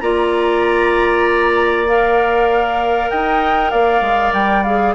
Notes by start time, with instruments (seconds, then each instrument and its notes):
0.00 bassoon A#3, clarinet F4, oboe D5, flute A#5
1.86 clarinet A#4, flute F5
3.10 bassoon D#4, oboe D#5, flute G5
3.70 bassoon A#3, oboe D5, flute F5
4.00 bassoon G#3
4.32 bassoon G3, flute G5
4.63 clarinet G#4, flute F5